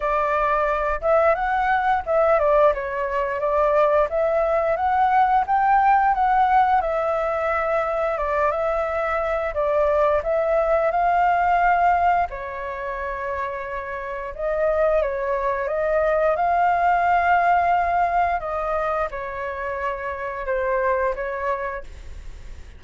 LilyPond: \new Staff \with { instrumentName = "flute" } { \time 4/4 \tempo 4 = 88 d''4. e''8 fis''4 e''8 d''8 | cis''4 d''4 e''4 fis''4 | g''4 fis''4 e''2 | d''8 e''4. d''4 e''4 |
f''2 cis''2~ | cis''4 dis''4 cis''4 dis''4 | f''2. dis''4 | cis''2 c''4 cis''4 | }